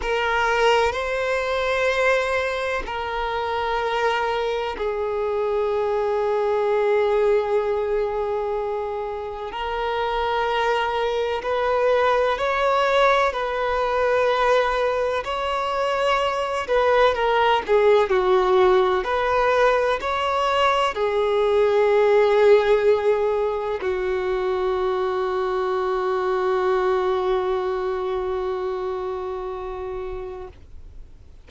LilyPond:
\new Staff \with { instrumentName = "violin" } { \time 4/4 \tempo 4 = 63 ais'4 c''2 ais'4~ | ais'4 gis'2.~ | gis'2 ais'2 | b'4 cis''4 b'2 |
cis''4. b'8 ais'8 gis'8 fis'4 | b'4 cis''4 gis'2~ | gis'4 fis'2.~ | fis'1 | }